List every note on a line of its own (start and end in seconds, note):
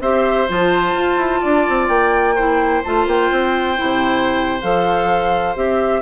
0.00 0.47 C4
0.00 0.48 G4
0.00 1.41 C5
0.00 0.48 E5
0.48 0.94 F3
0.48 2.37 F4
0.48 1.88 A5
0.94 1.17 F4
1.17 1.40 E4
1.41 1.68 D4
1.41 2.35 D5
1.68 1.88 C4
1.88 2.82 A#3
1.88 2.82 G5
2.35 2.84 E4
2.35 6.01 C5
2.84 3.07 A3
2.84 3.76 F4
2.84 3.07 A5
3.07 3.30 A#3
3.07 4.61 G5
3.31 3.78 C4
3.76 4.62 C3
3.76 4.59 E4
4.61 5.56 F3
4.61 5.55 A4
4.61 5.56 F5
5.55 6.01 C4
5.55 6.01 G4
5.55 6.01 E5